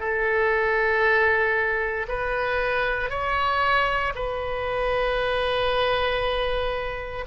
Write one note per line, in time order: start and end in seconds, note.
0.00 2.07 A4
2.08 3.10 B4
3.10 4.13 C#5
4.15 7.26 B4